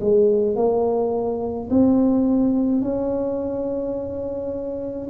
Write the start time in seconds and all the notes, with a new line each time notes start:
0.00 G#3
0.56 A#3
1.70 C4
2.81 C#4